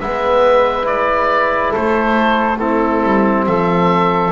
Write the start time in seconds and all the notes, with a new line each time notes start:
0.00 G#3 B3 B4 E5
0.83 E4 D5
1.72 A3 A4 C5
2.59 C4 E4 A4
3.03 G3
3.47 F3 A4 E5